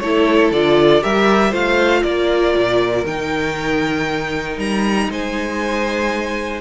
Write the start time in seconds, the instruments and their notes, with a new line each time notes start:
0.00 cello A3, viola E4, violin A4 C#5
0.52 cello D3, viola F4, violin D5
1.02 cello G3, viola G4, violin A#4 E5
1.51 cello A3, viola F4, violin C5 F5
2.02 cello A#3, violin A#4 D5
2.56 cello A#2
3.05 cello D#3, viola D#4, violin G5
4.57 cello G3, violin A#5
5.10 cello G#3, violin C5 G#5